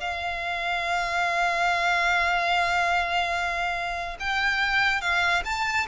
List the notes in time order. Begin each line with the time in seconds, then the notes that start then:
0.00 F5
4.20 G5
5.01 F5
5.45 A5